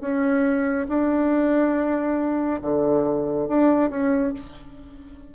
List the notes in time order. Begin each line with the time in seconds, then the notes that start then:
0.00 C#4
0.88 D4
2.61 D3
3.47 D4
3.90 C#4